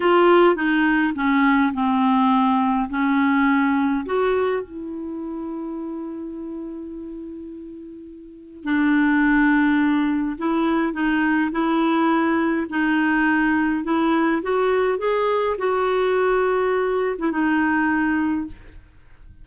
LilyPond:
\new Staff \with { instrumentName = "clarinet" } { \time 4/4 \tempo 4 = 104 f'4 dis'4 cis'4 c'4~ | c'4 cis'2 fis'4 | e'1~ | e'2. d'4~ |
d'2 e'4 dis'4 | e'2 dis'2 | e'4 fis'4 gis'4 fis'4~ | fis'4.~ fis'16 e'16 dis'2 | }